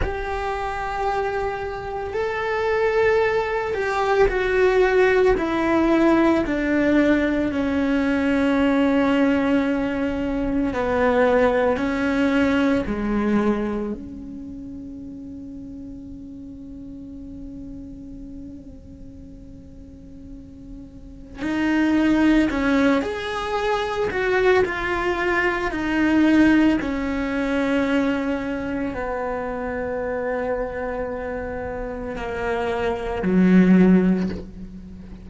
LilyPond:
\new Staff \with { instrumentName = "cello" } { \time 4/4 \tempo 4 = 56 g'2 a'4. g'8 | fis'4 e'4 d'4 cis'4~ | cis'2 b4 cis'4 | gis4 cis'2.~ |
cis'1 | dis'4 cis'8 gis'4 fis'8 f'4 | dis'4 cis'2 b4~ | b2 ais4 fis4 | }